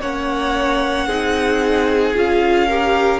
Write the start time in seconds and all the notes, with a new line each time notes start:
0.00 A#3 C#4 C#5 F#5
1.07 C4 D#4 G#4
2.15 C#4 F4 F5
2.66 G4 A#4